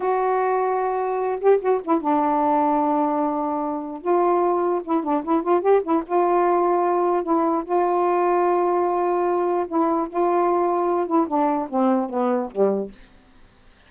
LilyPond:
\new Staff \with { instrumentName = "saxophone" } { \time 4/4 \tempo 4 = 149 fis'2.~ fis'8 g'8 | fis'8 e'8 d'2.~ | d'2 f'2 | e'8 d'8 e'8 f'8 g'8 e'8 f'4~ |
f'2 e'4 f'4~ | f'1 | e'4 f'2~ f'8 e'8 | d'4 c'4 b4 g4 | }